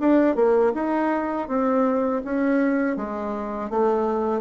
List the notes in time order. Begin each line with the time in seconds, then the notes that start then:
0.00 D4
0.36 A#3
0.75 D#4
1.48 C4
2.24 C#4
2.96 G#3
3.70 A3